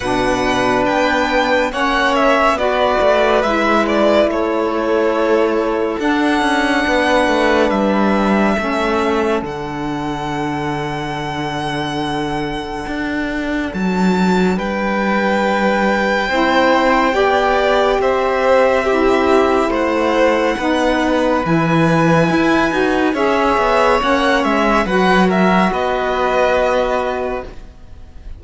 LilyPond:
<<
  \new Staff \with { instrumentName = "violin" } { \time 4/4 \tempo 4 = 70 fis''4 g''4 fis''8 e''8 d''4 | e''8 d''8 cis''2 fis''4~ | fis''4 e''2 fis''4~ | fis''1 |
a''4 g''2.~ | g''4 e''2 fis''4~ | fis''4 gis''2 e''4 | fis''8 e''8 fis''8 e''8 dis''2 | }
  \new Staff \with { instrumentName = "violin" } { \time 4/4 b'2 cis''4 b'4~ | b'4 a'2. | b'2 a'2~ | a'1~ |
a'4 b'2 c''4 | d''4 c''4 g'4 c''4 | b'2. cis''4~ | cis''4 b'8 ais'8 b'2 | }
  \new Staff \with { instrumentName = "saxophone" } { \time 4/4 d'2 cis'4 fis'4 | e'2. d'4~ | d'2 cis'4 d'4~ | d'1~ |
d'2. e'4 | g'2 e'2 | dis'4 e'4. fis'8 gis'4 | cis'4 fis'2. | }
  \new Staff \with { instrumentName = "cello" } { \time 4/4 b,4 b4 ais4 b8 a8 | gis4 a2 d'8 cis'8 | b8 a8 g4 a4 d4~ | d2. d'4 |
fis4 g2 c'4 | b4 c'2 a4 | b4 e4 e'8 dis'8 cis'8 b8 | ais8 gis8 fis4 b2 | }
>>